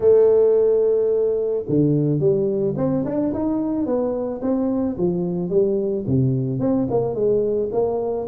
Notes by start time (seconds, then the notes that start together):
0.00 A3
1.69 D3
2.19 G3
2.76 C4
3.05 D4
3.33 D#4
3.86 B3
4.41 C4
4.97 F3
5.49 G3
6.06 C3
6.59 C4
6.90 A#3
7.14 G#3
7.72 A#3